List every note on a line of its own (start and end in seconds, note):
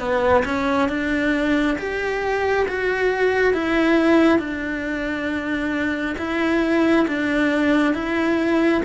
0.00 0.44 B3
0.45 0.89 C#4
0.89 1.78 D4
1.79 2.67 G4
2.68 3.54 F#4
3.54 4.40 E4
4.40 6.16 D4
6.18 7.07 E4
7.08 7.95 D4
7.95 8.83 E4